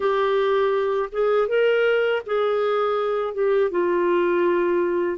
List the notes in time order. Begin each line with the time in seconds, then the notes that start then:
0.00 G4
1.11 G#4
1.48 A#4
2.26 G#4
3.33 G4
3.70 F4